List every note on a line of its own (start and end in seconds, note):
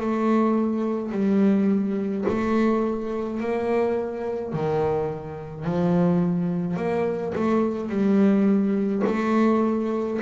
0.00 1.12 A3
1.12 2.25 G3
2.28 3.40 A3
3.40 4.52 A#3
4.52 5.64 D#3
5.64 6.76 F3
6.76 7.33 A#3
7.35 7.89 A3
7.89 9.02 G3
9.06 10.19 A3